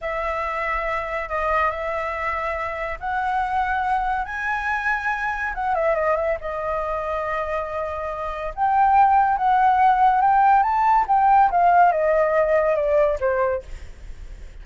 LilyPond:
\new Staff \with { instrumentName = "flute" } { \time 4/4 \tempo 4 = 141 e''2. dis''4 | e''2. fis''4~ | fis''2 gis''2~ | gis''4 fis''8 e''8 dis''8 e''8 dis''4~ |
dis''1 | g''2 fis''2 | g''4 a''4 g''4 f''4 | dis''2 d''4 c''4 | }